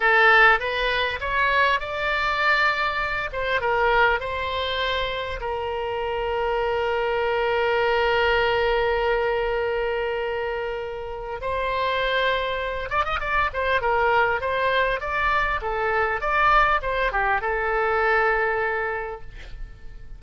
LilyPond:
\new Staff \with { instrumentName = "oboe" } { \time 4/4 \tempo 4 = 100 a'4 b'4 cis''4 d''4~ | d''4. c''8 ais'4 c''4~ | c''4 ais'2.~ | ais'1~ |
ais'2. c''4~ | c''4. d''16 dis''16 d''8 c''8 ais'4 | c''4 d''4 a'4 d''4 | c''8 g'8 a'2. | }